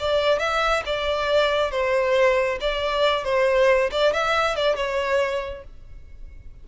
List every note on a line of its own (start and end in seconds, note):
0.00 0.40 D5
0.40 0.83 E5
0.86 1.72 D5
1.72 2.59 C5
2.61 3.25 D5
3.25 3.91 C5
3.92 4.14 D5
4.14 4.56 E5
4.56 4.76 D5
4.76 5.64 C#5